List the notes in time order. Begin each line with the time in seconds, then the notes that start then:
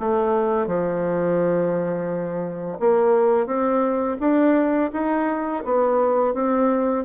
0.00 A3
0.67 F3
2.80 A#3
3.47 C4
4.20 D4
4.93 D#4
5.65 B3
6.34 C4